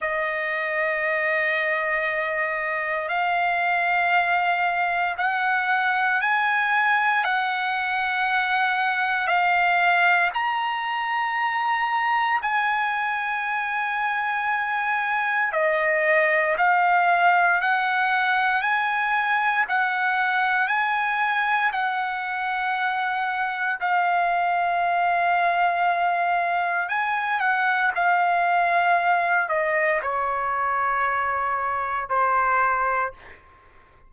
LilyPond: \new Staff \with { instrumentName = "trumpet" } { \time 4/4 \tempo 4 = 58 dis''2. f''4~ | f''4 fis''4 gis''4 fis''4~ | fis''4 f''4 ais''2 | gis''2. dis''4 |
f''4 fis''4 gis''4 fis''4 | gis''4 fis''2 f''4~ | f''2 gis''8 fis''8 f''4~ | f''8 dis''8 cis''2 c''4 | }